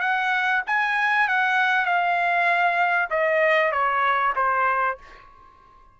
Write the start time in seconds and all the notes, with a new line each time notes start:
0.00 F#5
0.67 G#5
1.28 F#5
1.85 F5
3.10 D#5
3.71 C#5
4.36 C5